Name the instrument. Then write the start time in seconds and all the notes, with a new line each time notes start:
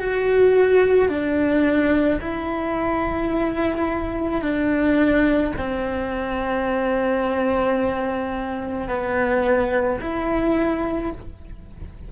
cello
0.00 F#4
1.09 D4
2.21 E4
4.41 D4
5.58 C4
8.88 B3
10.01 E4